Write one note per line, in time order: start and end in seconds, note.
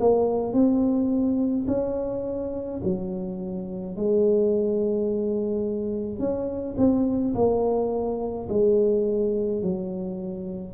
0.00 0.53 A#3
0.53 1.66 C4
1.68 2.81 C#4
2.84 3.96 F#3
3.96 6.19 G#3
6.19 6.76 C#4
6.78 7.34 C4
7.35 8.48 A#3
8.49 9.62 G#3
9.62 10.74 F#3